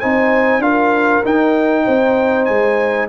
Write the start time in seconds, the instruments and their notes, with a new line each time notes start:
0.00 tuba C4, trombone D#4, horn C5, trumpet G#5
0.59 tuba D4, trombone F4, horn A#4, trumpet F5
1.24 trombone D#4, tuba D#4, trumpet G5
1.84 tuba C4, horn C5
2.45 tuba G#3, trumpet G#5